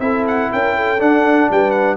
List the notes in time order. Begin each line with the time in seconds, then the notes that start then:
0.00 C4 E4 A4 E5
0.28 F#5
0.52 C#4 A#4 G5
0.76 A4
1.00 D4 F#5
1.51 G3 B4 G5
1.71 F#5